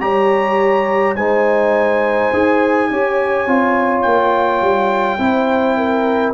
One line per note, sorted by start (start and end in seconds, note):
0.00 1.16 G3
0.00 1.15 G4
0.00 1.16 C#5
0.00 1.15 A#5
1.15 2.31 G#3
1.15 2.33 D#4
1.15 2.89 C5
1.15 4.02 G#5
2.32 2.90 D#4
2.32 2.90 G#4
2.90 3.46 C#4
2.90 3.47 G4
2.90 5.21 C#5
3.46 4.04 C4
3.46 5.18 F4
4.02 4.61 A#3
4.02 6.32 G5
4.61 5.18 G3
5.18 6.33 C4
5.18 6.33 E4
5.18 5.77 C5
5.77 6.33 A#4